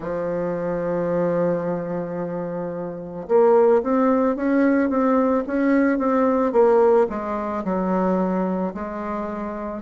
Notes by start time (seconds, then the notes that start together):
0.00 F3
3.27 A#3
3.82 C4
4.36 C#4
4.89 C4
5.46 C#4
5.98 C4
6.52 A#3
7.09 G#3
7.64 F#3
8.73 G#3